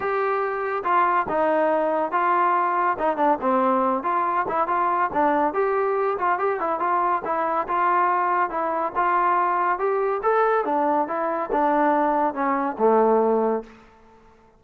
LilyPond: \new Staff \with { instrumentName = "trombone" } { \time 4/4 \tempo 4 = 141 g'2 f'4 dis'4~ | dis'4 f'2 dis'8 d'8 | c'4. f'4 e'8 f'4 | d'4 g'4. f'8 g'8 e'8 |
f'4 e'4 f'2 | e'4 f'2 g'4 | a'4 d'4 e'4 d'4~ | d'4 cis'4 a2 | }